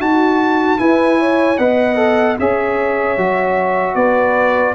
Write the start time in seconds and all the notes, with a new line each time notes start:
0.00 D#4 F#4 A5
0.79 E4 B4 G#5
1.19 C#5
1.58 B3 B4 D#5 F#5
1.97 A4
2.39 C#4 G#4 C#5 E5
3.18 F#3 F#4
3.95 B3 B4 D5